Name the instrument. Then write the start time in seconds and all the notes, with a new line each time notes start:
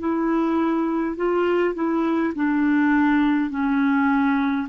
clarinet
0.00 E4
1.17 F4
1.75 E4
2.36 D4
3.50 C#4